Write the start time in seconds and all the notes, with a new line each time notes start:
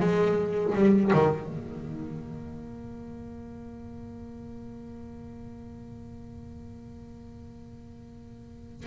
0.00 G#3
0.75 G3
1.13 D#3
1.48 A#3